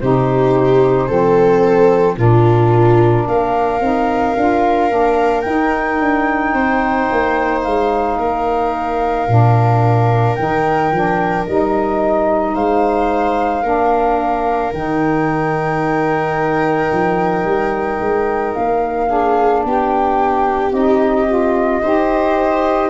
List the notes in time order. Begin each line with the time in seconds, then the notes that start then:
0.00 C3 D#4 G4 C5
1.07 F3 C4 A4
2.17 A#2 D4 F4 A#4
3.27 A#3 A#4 F5
3.80 C4 D#4
4.36 D4 F4
4.89 A#3 D4
5.41 D#4 G5
5.99 D4
6.53 C4 C5
7.11 A#3
7.63 G#3 F5
8.18 A#3 A#4
9.27 A#2 D4
10.35 D#3 D#4 G5
10.91 F3 D4
11.45 G3 D#4 D#5
12.54 G#3 C5 F5
13.62 A#3 D4 A#4
14.72 D#3 D#4 G5
16.92 F3
17.44 G3
18.00 G#3
18.54 A#3 F5
19.07 D4 G#4
19.65 B3 G4 G5
20.71 C4 D#4 D#5
21.27 F4
21.81 D#4 G4 C5